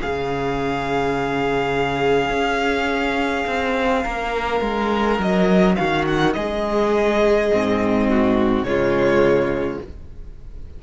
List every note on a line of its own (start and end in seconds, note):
0.00 2.29 C#3
0.00 7.50 C#4
0.00 4.03 G#4
0.00 5.21 F5
2.29 3.45 C#4
3.47 4.05 C4
4.03 4.61 A#3
4.03 5.76 A#4
4.61 5.18 G#3
5.19 5.76 F#3
5.19 5.75 D#5
5.75 6.35 D#3
5.75 6.35 F#4
5.75 6.04 F5
6.07 6.33 F#5
6.33 7.51 G#3
6.33 8.09 G#4
6.33 8.63 D#5
7.52 8.62 G#2
7.52 8.66 C4
8.09 8.66 F#4
8.62 9.77 C#3
8.62 9.81 G#3
8.62 9.83 F4
8.62 9.79 C#5